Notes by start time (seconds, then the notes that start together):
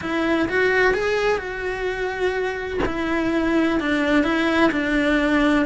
0.01 E4
0.49 F#4
0.93 G#4
1.37 F#4
2.85 E4
3.79 D4
4.23 E4
4.71 D4